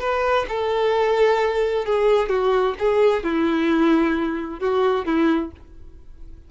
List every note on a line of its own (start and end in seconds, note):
0.00 0.46 B4
0.49 1.86 A4
1.86 2.29 G#4
2.29 2.75 F#4
2.79 3.24 G#4
3.24 4.60 E4
4.60 5.05 F#4
5.05 5.51 E4